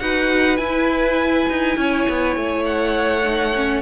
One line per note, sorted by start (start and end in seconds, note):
0.00 0.58 D#4
0.00 0.58 F#4
0.00 1.78 B4
0.00 0.57 F#5
0.57 3.23 E4
0.57 1.47 E4
0.57 2.63 G#5
1.50 1.77 D#4
1.77 2.06 C#4
1.77 3.82 C#5
2.09 2.36 B3
2.36 3.82 A3
2.65 3.82 F#5
3.24 3.53 D#4
3.55 3.82 C#4